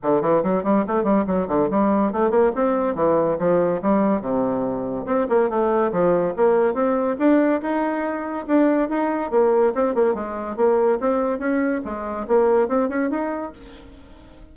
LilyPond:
\new Staff \with { instrumentName = "bassoon" } { \time 4/4 \tempo 4 = 142 d8 e8 fis8 g8 a8 g8 fis8 d8 | g4 a8 ais8 c'4 e4 | f4 g4 c2 | c'8 ais8 a4 f4 ais4 |
c'4 d'4 dis'2 | d'4 dis'4 ais4 c'8 ais8 | gis4 ais4 c'4 cis'4 | gis4 ais4 c'8 cis'8 dis'4 | }